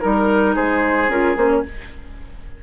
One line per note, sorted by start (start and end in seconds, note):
0.00 0.56 G3
0.00 1.08 D#4
0.00 0.54 A#4
0.00 0.55 A#4
0.55 1.08 G#3
0.55 1.63 G#4
0.55 1.10 C5
1.08 1.35 C#4
1.08 1.36 F4
1.08 1.37 A#4
1.36 1.63 A#3
1.36 1.63 C#4
1.36 1.49 C5
1.49 1.62 C#5